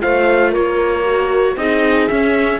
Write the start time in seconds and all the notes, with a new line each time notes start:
0.00 A3 F4 C5 F5
0.51 A#3 A#4 C#5
1.05 F#4
1.56 C4 D#4 G#4 D#5
2.08 C#4 E5